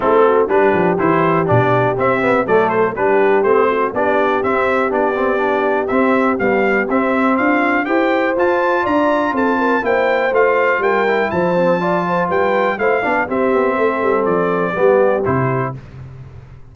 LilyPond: <<
  \new Staff \with { instrumentName = "trumpet" } { \time 4/4 \tempo 4 = 122 a'4 b'4 c''4 d''4 | e''4 d''8 c''8 b'4 c''4 | d''4 e''4 d''2 | e''4 f''4 e''4 f''4 |
g''4 a''4 ais''4 a''4 | g''4 f''4 g''4 a''4~ | a''4 g''4 f''4 e''4~ | e''4 d''2 c''4 | }
  \new Staff \with { instrumentName = "horn" } { \time 4/4 e'8 fis'8 g'2.~ | g'4 a'4 g'4. fis'8 | g'1~ | g'2. f'4 |
c''2 d''4 a'8 ais'8 | c''2 ais'4 c''4 | d''8 c''8 b'4 c''8 d''8 g'4 | a'2 g'2 | }
  \new Staff \with { instrumentName = "trombone" } { \time 4/4 c'4 d'4 e'4 d'4 | c'8 b8 a4 d'4 c'4 | d'4 c'4 d'8 c'8 d'4 | c'4 g4 c'2 |
g'4 f'2. | e'4 f'4. e'4 c'8 | f'2 e'8 d'8 c'4~ | c'2 b4 e'4 | }
  \new Staff \with { instrumentName = "tuba" } { \time 4/4 a4 g8 f8 e4 b,4 | c'4 fis4 g4 a4 | b4 c'4 b2 | c'4 b4 c'4 d'4 |
e'4 f'4 d'4 c'4 | ais4 a4 g4 f4~ | f4 g4 a8 b8 c'8 b8 | a8 g8 f4 g4 c4 | }
>>